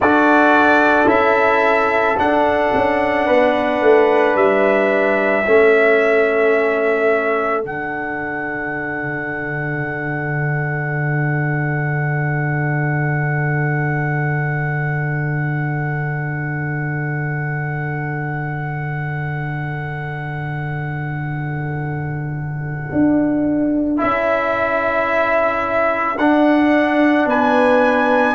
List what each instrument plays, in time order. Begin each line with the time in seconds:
0.00 tuba D4, trombone F#4, horn A4, trumpet D5
1.06 tuba C#4, trombone E4, trumpet E5
2.17 tuba D4, trombone D4, trumpet F#5
2.75 tuba C#4
3.26 tuba B3, horn B4
3.81 tuba A3
4.35 tuba G3, trumpet E5
5.45 tuba A3, trombone C#4, horn A4
7.63 tuba D3, trombone D4, trumpet F#5
22.92 tuba D4
23.97 tuba C#4, trombone E4, trumpet E5
26.17 tuba D4, trombone D4, trumpet F#5
27.25 tuba B3, horn B4, trumpet G#5